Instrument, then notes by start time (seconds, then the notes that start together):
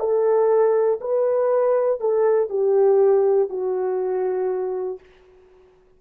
horn
0.00 A4
1.01 B4
2.00 A4
2.50 G4
3.50 F#4